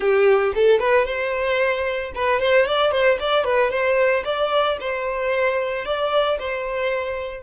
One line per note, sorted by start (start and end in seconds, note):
0.00 0.52 G4
0.55 0.79 A4
0.79 1.05 B4
1.05 2.11 C5
2.15 2.39 B4
2.39 2.66 C5
2.66 2.91 D5
2.91 3.18 C5
3.19 3.44 D5
3.44 3.70 B4
3.70 4.23 C5
4.24 4.77 D5
4.80 5.85 C5
5.85 6.38 D5
6.39 7.42 C5